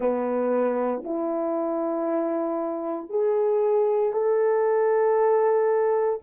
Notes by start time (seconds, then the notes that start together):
0.00 B3
1.04 E4
3.09 G#4
4.12 A4